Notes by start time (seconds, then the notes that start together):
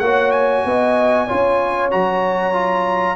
0.00 A#3 F#4 C#5 F#5
0.31 G#5
0.65 B3 D#5
1.27 C#4 F4 C#5
1.91 F#3 F#4 A#5
2.53 F4